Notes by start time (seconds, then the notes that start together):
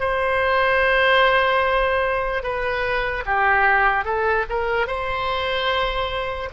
0.00 C5
2.43 B4
3.26 G4
4.05 A4
4.50 A#4
4.88 C5